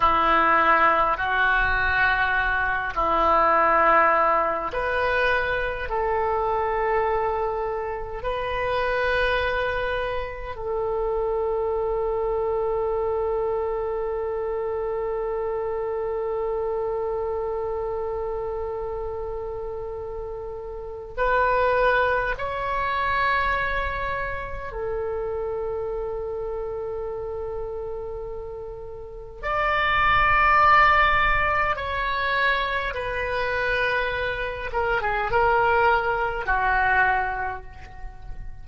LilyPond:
\new Staff \with { instrumentName = "oboe" } { \time 4/4 \tempo 4 = 51 e'4 fis'4. e'4. | b'4 a'2 b'4~ | b'4 a'2.~ | a'1~ |
a'2 b'4 cis''4~ | cis''4 a'2.~ | a'4 d''2 cis''4 | b'4. ais'16 gis'16 ais'4 fis'4 | }